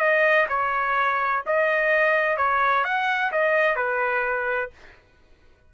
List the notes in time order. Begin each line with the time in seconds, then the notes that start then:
0.00 D#5
0.49 C#5
1.46 D#5
2.38 C#5
2.85 F#5
3.32 D#5
3.76 B4